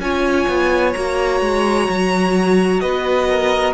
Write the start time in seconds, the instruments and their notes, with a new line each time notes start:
0.00 cello C#4, viola F4, violin C#5 G#5
0.48 cello B3
0.93 cello A#3, viola F#4, violin A#5
1.41 cello G#3
1.89 cello F#3
2.80 cello B3, violin B4 D#5
3.29 violin A#4